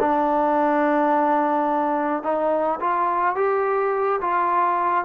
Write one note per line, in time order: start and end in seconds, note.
0.00 2.23 D4
2.23 2.80 D#4
2.80 3.36 F4
3.36 4.20 G4
4.21 5.05 F4